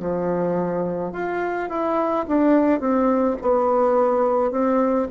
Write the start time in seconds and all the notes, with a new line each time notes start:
0.00 F3
1.13 F4
1.69 E4
2.28 D4
2.80 C4
3.42 B3
4.51 C4